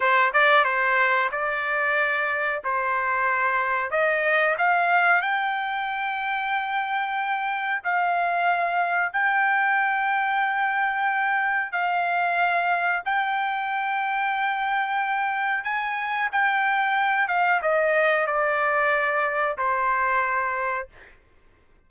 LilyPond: \new Staff \with { instrumentName = "trumpet" } { \time 4/4 \tempo 4 = 92 c''8 d''8 c''4 d''2 | c''2 dis''4 f''4 | g''1 | f''2 g''2~ |
g''2 f''2 | g''1 | gis''4 g''4. f''8 dis''4 | d''2 c''2 | }